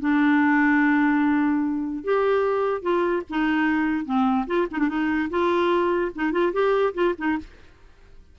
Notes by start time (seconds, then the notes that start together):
0.00 D4
2.04 G4
2.82 F4
3.30 D#4
4.06 C4
4.47 F4
4.71 D#4
4.79 D4
4.89 D#4
5.30 F4
6.15 D#4
6.32 F4
6.53 G4
6.94 F4
7.18 D#4